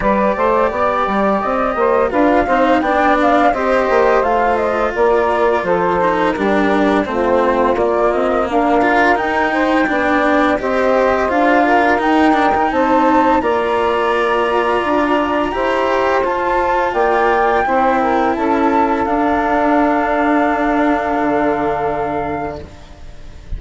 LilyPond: <<
  \new Staff \with { instrumentName = "flute" } { \time 4/4 \tempo 4 = 85 d''2 dis''4 f''4 | g''8 f''8 dis''4 f''8 dis''8 d''4 | c''4 ais'4 c''4 d''8 dis''8 | f''4 g''2 dis''4 |
f''4 g''4 a''4 ais''4~ | ais''2. a''4 | g''2 a''4 f''4~ | f''1 | }
  \new Staff \with { instrumentName = "saxophone" } { \time 4/4 b'8 c''8 d''4. c''8 b'8 c''8 | d''4 c''2 ais'4 | a'4 g'4 f'2 | ais'4. c''8 d''4 c''4~ |
c''8 ais'4. c''4 d''4~ | d''2 c''2 | d''4 c''8 ais'8 a'2~ | a'1 | }
  \new Staff \with { instrumentName = "cello" } { \time 4/4 g'2. f'8 dis'8 | d'4 g'4 f'2~ | f'8 dis'8 d'4 c'4 ais4~ | ais8 f'8 dis'4 d'4 g'4 |
f'4 dis'8 d'16 dis'4~ dis'16 f'4~ | f'2 g'4 f'4~ | f'4 e'2 d'4~ | d'1 | }
  \new Staff \with { instrumentName = "bassoon" } { \time 4/4 g8 a8 b8 g8 c'8 ais8 d'8 c'8 | b4 c'8 ais8 a4 ais4 | f4 g4 a4 ais8 c'8 | d'4 dis'4 b4 c'4 |
d'4 dis'4 c'4 ais4~ | ais4 d'4 e'4 f'4 | ais4 c'4 cis'4 d'4~ | d'2 d2 | }
>>